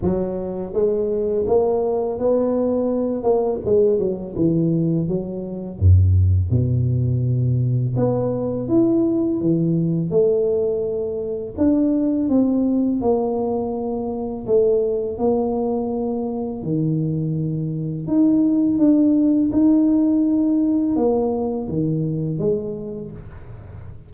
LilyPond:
\new Staff \with { instrumentName = "tuba" } { \time 4/4 \tempo 4 = 83 fis4 gis4 ais4 b4~ | b8 ais8 gis8 fis8 e4 fis4 | fis,4 b,2 b4 | e'4 e4 a2 |
d'4 c'4 ais2 | a4 ais2 dis4~ | dis4 dis'4 d'4 dis'4~ | dis'4 ais4 dis4 gis4 | }